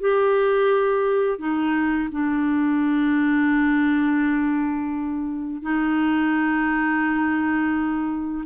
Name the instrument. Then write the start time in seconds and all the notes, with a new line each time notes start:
clarinet
0.00 G4
1.38 D#4
2.11 D4
5.62 D#4